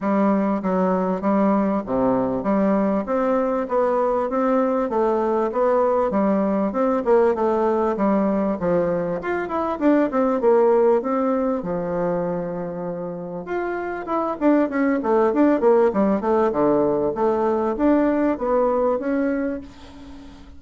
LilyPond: \new Staff \with { instrumentName = "bassoon" } { \time 4/4 \tempo 4 = 98 g4 fis4 g4 c4 | g4 c'4 b4 c'4 | a4 b4 g4 c'8 ais8 | a4 g4 f4 f'8 e'8 |
d'8 c'8 ais4 c'4 f4~ | f2 f'4 e'8 d'8 | cis'8 a8 d'8 ais8 g8 a8 d4 | a4 d'4 b4 cis'4 | }